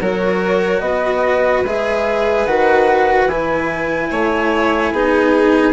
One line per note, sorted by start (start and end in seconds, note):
0.00 0.81 F#3
0.00 1.65 F#4
0.00 0.82 A#4
0.00 0.80 C#5
0.80 1.63 B3
0.80 4.10 B4
0.80 1.62 D#5
1.65 2.47 G#3
1.65 2.48 G#4
1.65 2.46 E5
2.46 3.26 D#3
2.46 3.30 F#4
2.46 3.28 F#5
3.26 4.09 E3
3.26 4.95 E4
3.26 5.73 G#5
4.10 4.92 A3
4.10 4.92 C#5
4.92 5.73 B3
4.92 5.73 D#4
4.92 5.73 G#4